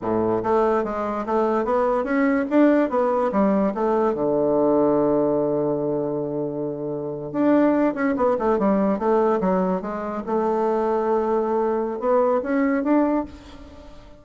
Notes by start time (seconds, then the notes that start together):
0.01 A2
0.43 A3
0.84 G#3
1.25 A3
1.64 B3
2.04 C#4
2.50 D4
2.89 B3
3.32 G3
3.74 A3
4.14 D3
7.32 D4
7.94 C#4
8.16 B3
8.38 A3
8.58 G3
8.98 A3
9.40 F#3
9.81 G#3
10.26 A3
11.99 B3
12.43 C#4
12.83 D4